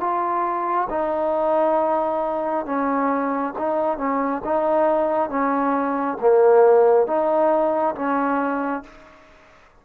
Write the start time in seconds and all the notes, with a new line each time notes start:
0.00 F4
0.90 D#4
2.66 C#4
3.58 D#4
3.98 C#4
4.45 D#4
5.29 C#4
6.20 A#3
7.07 D#4
7.95 C#4